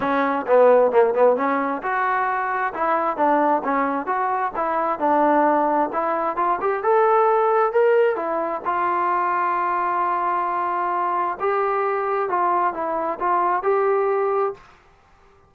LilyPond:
\new Staff \with { instrumentName = "trombone" } { \time 4/4 \tempo 4 = 132 cis'4 b4 ais8 b8 cis'4 | fis'2 e'4 d'4 | cis'4 fis'4 e'4 d'4~ | d'4 e'4 f'8 g'8 a'4~ |
a'4 ais'4 e'4 f'4~ | f'1~ | f'4 g'2 f'4 | e'4 f'4 g'2 | }